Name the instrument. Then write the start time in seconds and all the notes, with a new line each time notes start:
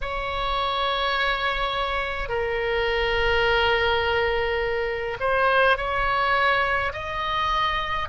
oboe
0.01 C#5
2.28 A#4
5.19 C5
5.77 C#5
6.92 D#5